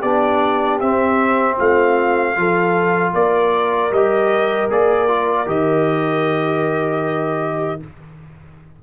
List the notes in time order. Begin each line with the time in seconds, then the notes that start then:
0.00 B3 D4 G4 D5
0.80 C4 E5
1.57 A3 F4 F5
2.36 F3 F4 A4
3.14 A#3 A#4 D5
3.91 G3 G4 D#5
4.70 A#3 G#4 D5
5.08 F4
5.46 D#3 G4 D#5